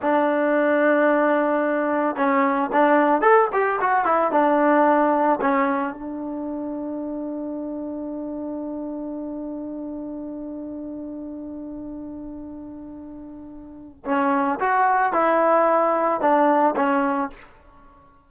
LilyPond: \new Staff \with { instrumentName = "trombone" } { \time 4/4 \tempo 4 = 111 d'1 | cis'4 d'4 a'8 g'8 fis'8 e'8 | d'2 cis'4 d'4~ | d'1~ |
d'1~ | d'1~ | d'2 cis'4 fis'4 | e'2 d'4 cis'4 | }